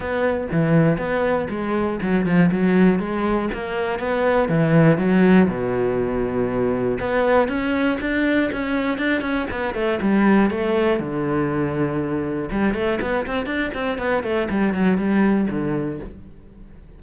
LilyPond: \new Staff \with { instrumentName = "cello" } { \time 4/4 \tempo 4 = 120 b4 e4 b4 gis4 | fis8 f8 fis4 gis4 ais4 | b4 e4 fis4 b,4~ | b,2 b4 cis'4 |
d'4 cis'4 d'8 cis'8 b8 a8 | g4 a4 d2~ | d4 g8 a8 b8 c'8 d'8 c'8 | b8 a8 g8 fis8 g4 d4 | }